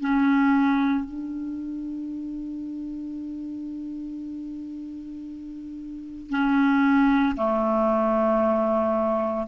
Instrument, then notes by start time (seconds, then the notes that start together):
clarinet
0.00 C#4
1.04 D4
6.30 C#4
7.36 A3